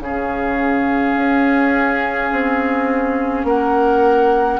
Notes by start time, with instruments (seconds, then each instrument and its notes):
0.00 bassoon C#3, clarinet C#4, oboe G#4, flute F5
1.15 bassoon C#4
2.32 bassoon C4
3.44 bassoon A#3, oboe A#4, flute F#5